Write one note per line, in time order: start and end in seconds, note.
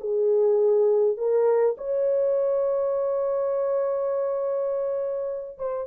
0.00 1.17 G#4
1.17 1.76 A#4
1.78 5.58 C#5
5.58 5.87 C5